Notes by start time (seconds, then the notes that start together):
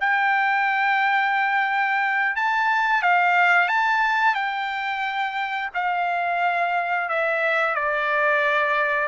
0.00 G5
2.36 A5
3.02 F5
3.68 A5
4.35 G5
5.74 F5
7.09 E5
7.75 D5